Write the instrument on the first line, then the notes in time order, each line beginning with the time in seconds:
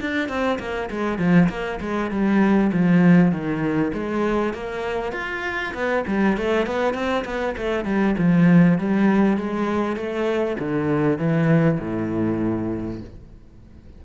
cello
0.00 D4
0.28 C4
0.59 A#3
0.90 G#3
1.18 F3
1.49 A#3
1.80 G#3
2.10 G3
2.72 F3
3.31 D#3
3.93 G#3
4.53 A#3
5.12 F4
5.74 B3
6.07 G3
6.37 A3
6.66 B3
6.94 C4
7.25 B3
7.57 A3
7.85 G3
8.18 F3
8.78 G3
9.37 G#3
9.96 A3
10.59 D3
11.18 E3
11.79 A2